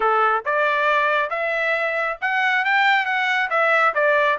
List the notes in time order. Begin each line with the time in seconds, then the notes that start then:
0.00 A4
0.45 D5
1.30 E5
2.21 F#5
2.64 G5
3.05 F#5
3.50 E5
3.94 D5